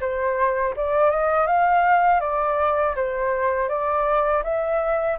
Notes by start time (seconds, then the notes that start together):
0.00 C5
0.76 D5
1.10 D#5
1.47 F5
2.21 D5
2.96 C5
3.69 D5
4.43 E5